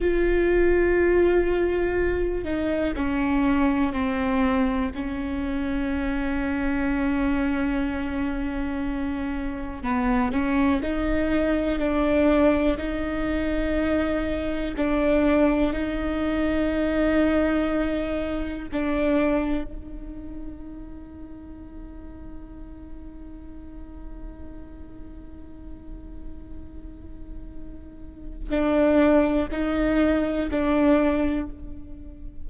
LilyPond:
\new Staff \with { instrumentName = "viola" } { \time 4/4 \tempo 4 = 61 f'2~ f'8 dis'8 cis'4 | c'4 cis'2.~ | cis'2 b8 cis'8 dis'4 | d'4 dis'2 d'4 |
dis'2. d'4 | dis'1~ | dis'1~ | dis'4 d'4 dis'4 d'4 | }